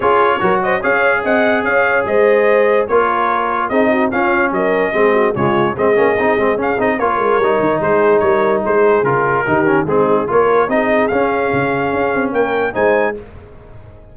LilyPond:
<<
  \new Staff \with { instrumentName = "trumpet" } { \time 4/4 \tempo 4 = 146 cis''4. dis''8 f''4 fis''4 | f''4 dis''2 cis''4~ | cis''4 dis''4 f''4 dis''4~ | dis''4 cis''4 dis''2 |
f''8 dis''8 cis''2 c''4 | cis''4 c''4 ais'2 | gis'4 cis''4 dis''4 f''4~ | f''2 g''4 gis''4 | }
  \new Staff \with { instrumentName = "horn" } { \time 4/4 gis'4 ais'8 c''8 cis''4 dis''4 | cis''4 c''2 ais'4~ | ais'4 gis'8 fis'8 f'4 ais'4 | gis'8 fis'8 f'4 gis'2~ |
gis'4 ais'2 gis'4 | ais'4 gis'2 g'4 | dis'4 ais'4 gis'2~ | gis'2 ais'4 c''4 | }
  \new Staff \with { instrumentName = "trombone" } { \time 4/4 f'4 fis'4 gis'2~ | gis'2. f'4~ | f'4 dis'4 cis'2 | c'4 gis4 c'8 cis'8 dis'8 c'8 |
cis'8 dis'8 f'4 dis'2~ | dis'2 f'4 dis'8 cis'8 | c'4 f'4 dis'4 cis'4~ | cis'2. dis'4 | }
  \new Staff \with { instrumentName = "tuba" } { \time 4/4 cis'4 fis4 cis'4 c'4 | cis'4 gis2 ais4~ | ais4 c'4 cis'4 fis4 | gis4 cis4 gis8 ais8 c'8 gis8 |
cis'8 c'8 ais8 gis8 g8 dis8 gis4 | g4 gis4 cis4 dis4 | gis4 ais4 c'4 cis'4 | cis4 cis'8 c'8 ais4 gis4 | }
>>